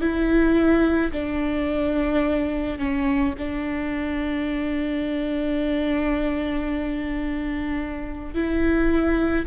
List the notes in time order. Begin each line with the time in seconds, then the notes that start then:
0.00 E4
1.12 D4
2.78 C#4
3.38 D4
8.34 E4